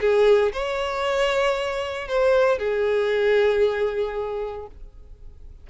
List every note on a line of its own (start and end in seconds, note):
0.00 0.52 G#4
0.53 2.08 C#5
2.08 2.58 C5
2.58 4.67 G#4